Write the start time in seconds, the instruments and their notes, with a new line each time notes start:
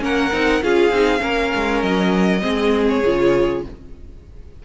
0.00 cello A#3, viola C#4, violin A#4 F#5
0.33 cello C4, viola D#4
0.63 cello C#4, viola F4, violin G#4 F5
0.91 cello C4, viola D#4
1.19 cello A#3, viola C#4, violin A#4
1.55 cello G#3
1.83 cello F#3, violin D#5
2.42 cello G#3, viola C4, violin G#4
2.89 violin C#5
3.06 cello C#3, viola F4